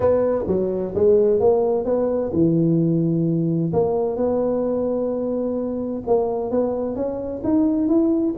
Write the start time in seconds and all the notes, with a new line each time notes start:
0.00 B3
0.47 F#3
0.94 G#3
1.40 A#3
1.85 B3
2.33 E3
3.73 A#3
4.16 B3
6.07 A#3
6.51 B3
6.95 C#4
7.43 D#4
7.88 E4